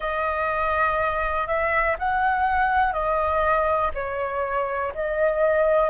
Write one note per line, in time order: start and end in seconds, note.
0.00 1.47 D#5
1.47 1.96 E5
1.99 2.92 F#5
2.92 3.91 D#5
3.94 4.92 C#5
4.94 5.89 D#5